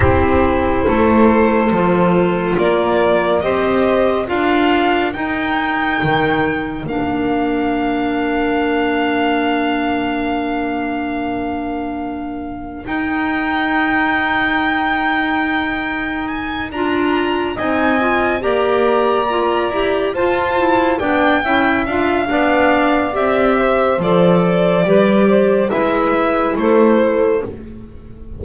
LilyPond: <<
  \new Staff \with { instrumentName = "violin" } { \time 4/4 \tempo 4 = 70 c''2. d''4 | dis''4 f''4 g''2 | f''1~ | f''2. g''4~ |
g''2. gis''8 ais''8~ | ais''8 gis''4 ais''2 a''8~ | a''8 g''4 f''4. e''4 | d''2 e''4 c''4 | }
  \new Staff \with { instrumentName = "saxophone" } { \time 4/4 g'4 a'2 ais'4 | c''4 ais'2.~ | ais'1~ | ais'1~ |
ais'1~ | ais'8 dis''4 d''2 c''8~ | c''8 d''8 e''4 d''4. c''8~ | c''4 b'8 c''8 b'4 a'4 | }
  \new Staff \with { instrumentName = "clarinet" } { \time 4/4 e'2 f'2 | g'4 f'4 dis'2 | d'1~ | d'2. dis'4~ |
dis'2.~ dis'8 f'8~ | f'8 dis'8 f'8 g'4 f'8 g'8 f'8 | e'8 d'8 e'8 f'8 d'4 g'4 | a'4 g'4 e'2 | }
  \new Staff \with { instrumentName = "double bass" } { \time 4/4 c'4 a4 f4 ais4 | c'4 d'4 dis'4 dis4 | ais1~ | ais2. dis'4~ |
dis'2.~ dis'8 d'8~ | d'8 c'4 ais4. e'8 f'8~ | f'8 b8 cis'8 d'8 b4 c'4 | f4 g4 gis4 a4 | }
>>